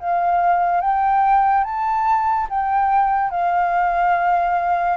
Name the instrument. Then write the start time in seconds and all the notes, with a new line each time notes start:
flute
0.00 F5
0.81 G5
1.64 A5
2.50 G5
3.31 F5